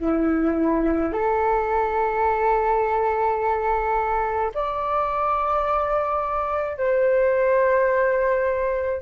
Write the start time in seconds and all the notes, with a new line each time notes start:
0.00 E4
1.13 A4
4.54 D5
6.78 C5